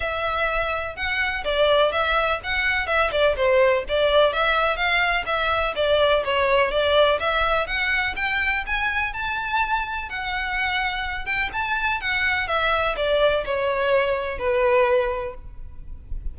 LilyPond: \new Staff \with { instrumentName = "violin" } { \time 4/4 \tempo 4 = 125 e''2 fis''4 d''4 | e''4 fis''4 e''8 d''8 c''4 | d''4 e''4 f''4 e''4 | d''4 cis''4 d''4 e''4 |
fis''4 g''4 gis''4 a''4~ | a''4 fis''2~ fis''8 g''8 | a''4 fis''4 e''4 d''4 | cis''2 b'2 | }